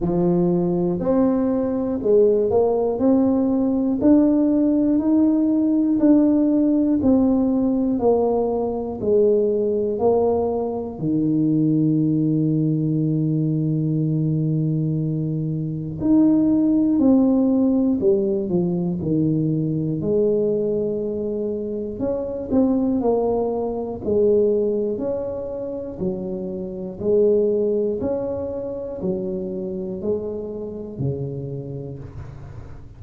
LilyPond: \new Staff \with { instrumentName = "tuba" } { \time 4/4 \tempo 4 = 60 f4 c'4 gis8 ais8 c'4 | d'4 dis'4 d'4 c'4 | ais4 gis4 ais4 dis4~ | dis1 |
dis'4 c'4 g8 f8 dis4 | gis2 cis'8 c'8 ais4 | gis4 cis'4 fis4 gis4 | cis'4 fis4 gis4 cis4 | }